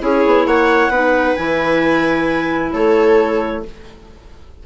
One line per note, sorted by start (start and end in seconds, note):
0.00 0.24 C#4
0.00 0.91 E4
0.00 0.47 G#4
0.00 0.47 C#5
0.25 0.46 B3
0.46 0.89 A#3
0.46 0.91 C#5
0.46 1.36 F#5
0.89 1.34 B3
0.89 1.38 D#4
0.89 2.72 B4
1.36 2.73 E3
1.36 3.65 E4
1.36 2.72 G#5
2.72 3.64 A3
2.72 3.64 A4
2.72 3.63 C#5